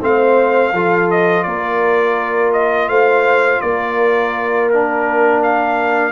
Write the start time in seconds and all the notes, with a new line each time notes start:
0.00 A3 C4 C5 F5
0.72 F3 F4 A4
1.10 D#5
1.43 A#3 A#4 D5
2.52 D#5
2.88 A3 C5 F5
3.61 A#3 A#4 D5
4.70 D4 A#4
5.43 F5